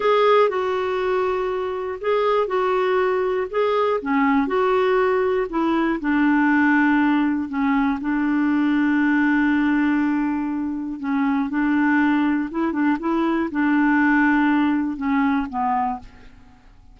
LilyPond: \new Staff \with { instrumentName = "clarinet" } { \time 4/4 \tempo 4 = 120 gis'4 fis'2. | gis'4 fis'2 gis'4 | cis'4 fis'2 e'4 | d'2. cis'4 |
d'1~ | d'2 cis'4 d'4~ | d'4 e'8 d'8 e'4 d'4~ | d'2 cis'4 b4 | }